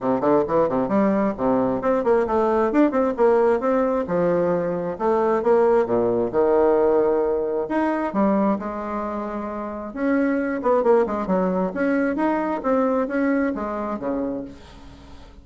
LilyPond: \new Staff \with { instrumentName = "bassoon" } { \time 4/4 \tempo 4 = 133 c8 d8 e8 c8 g4 c4 | c'8 ais8 a4 d'8 c'8 ais4 | c'4 f2 a4 | ais4 ais,4 dis2~ |
dis4 dis'4 g4 gis4~ | gis2 cis'4. b8 | ais8 gis8 fis4 cis'4 dis'4 | c'4 cis'4 gis4 cis4 | }